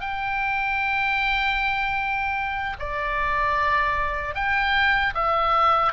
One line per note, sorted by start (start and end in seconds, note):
0.00 2.76 G5
2.79 4.35 D5
4.35 5.14 G5
5.14 5.92 E5